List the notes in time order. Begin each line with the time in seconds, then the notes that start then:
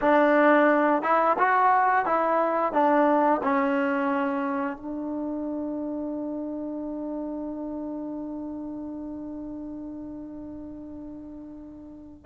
0.01 D4
1.02 E4
1.38 F#4
2.05 E4
2.72 D4
3.43 C#4
4.76 D4